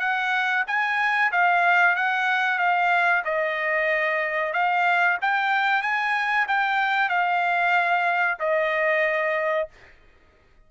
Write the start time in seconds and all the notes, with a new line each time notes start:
0.00 F#5
0.67 G#5
1.32 F5
1.96 F#5
2.59 F5
3.25 D#5
4.54 F5
5.22 G5
5.83 G#5
6.48 G5
7.10 F5
8.40 D#5